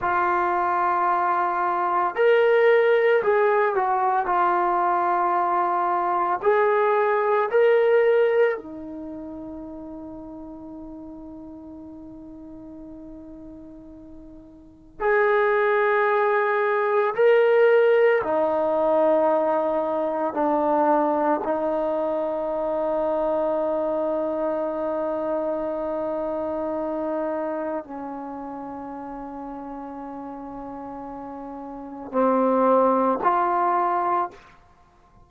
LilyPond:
\new Staff \with { instrumentName = "trombone" } { \time 4/4 \tempo 4 = 56 f'2 ais'4 gis'8 fis'8 | f'2 gis'4 ais'4 | dis'1~ | dis'2 gis'2 |
ais'4 dis'2 d'4 | dis'1~ | dis'2 cis'2~ | cis'2 c'4 f'4 | }